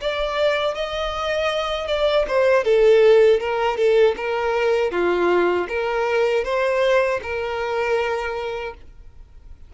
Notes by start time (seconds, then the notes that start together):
0.00 D5
0.74 D#5
1.87 D5
2.28 C5
2.64 A4
3.40 A#4
3.77 A4
4.16 A#4
4.91 F4
5.68 A#4
6.44 C5
7.22 A#4